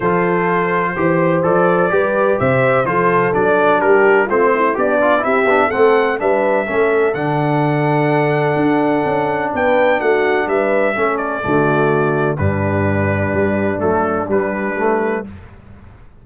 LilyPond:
<<
  \new Staff \with { instrumentName = "trumpet" } { \time 4/4 \tempo 4 = 126 c''2. d''4~ | d''4 e''4 c''4 d''4 | ais'4 c''4 d''4 e''4 | fis''4 e''2 fis''4~ |
fis''1 | g''4 fis''4 e''4. d''8~ | d''2 b'2~ | b'4 a'4 b'2 | }
  \new Staff \with { instrumentName = "horn" } { \time 4/4 a'2 c''2 | b'4 c''4 a'2 | g'4 f'8 e'8 d'4 g'4 | a'4 b'4 a'2~ |
a'1 | b'4 fis'4 b'4 a'4 | fis'2 d'2~ | d'1 | }
  \new Staff \with { instrumentName = "trombone" } { \time 4/4 f'2 g'4 a'4 | g'2 f'4 d'4~ | d'4 c'4 g'8 f'8 e'8 d'8 | c'4 d'4 cis'4 d'4~ |
d'1~ | d'2. cis'4 | a2 g2~ | g4 a4 g4 a4 | }
  \new Staff \with { instrumentName = "tuba" } { \time 4/4 f2 e4 f4 | g4 c4 f4 fis4 | g4 a4 b4 c'8 b8 | a4 g4 a4 d4~ |
d2 d'4 cis'4 | b4 a4 g4 a4 | d2 g,2 | g4 fis4 g2 | }
>>